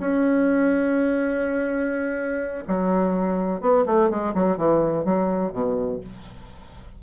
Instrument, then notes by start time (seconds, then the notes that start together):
bassoon
0.00 C#4
2.67 F#3
3.61 B3
3.86 A3
4.10 G#3
4.34 F#3
4.57 E3
5.05 F#3
5.52 B2